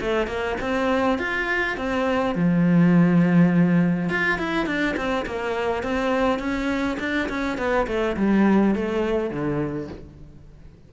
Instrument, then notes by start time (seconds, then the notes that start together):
cello
0.00 A3
0.27 A#3
0.60 C4
1.18 F4
1.77 C4
2.35 F3
4.09 F4
4.38 E4
4.66 D4
4.96 C4
5.26 A#3
5.83 C4
6.39 C#4
6.99 D4
7.29 C#4
7.57 B3
7.87 A3
8.16 G3
8.75 A3
9.30 D3